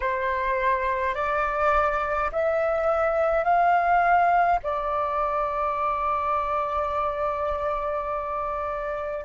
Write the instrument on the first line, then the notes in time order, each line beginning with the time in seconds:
flute
0.00 C5
1.14 D5
2.32 E5
3.44 F5
4.63 D5